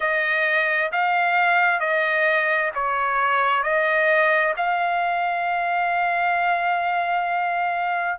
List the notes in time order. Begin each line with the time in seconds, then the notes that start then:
0.00 D#5
0.92 F5
1.80 D#5
2.74 C#5
3.63 D#5
4.57 F5